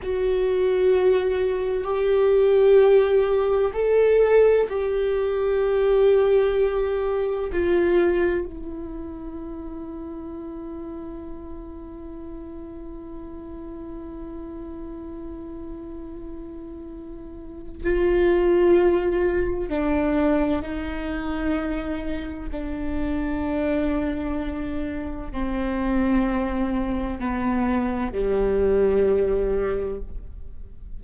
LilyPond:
\new Staff \with { instrumentName = "viola" } { \time 4/4 \tempo 4 = 64 fis'2 g'2 | a'4 g'2. | f'4 e'2.~ | e'1~ |
e'2. f'4~ | f'4 d'4 dis'2 | d'2. c'4~ | c'4 b4 g2 | }